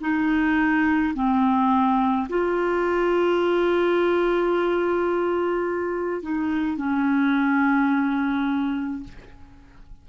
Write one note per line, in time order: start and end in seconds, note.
0.00 1.13 D#4
1.14 2.27 C4
2.28 6.22 F4
6.22 6.77 D#4
6.77 9.03 C#4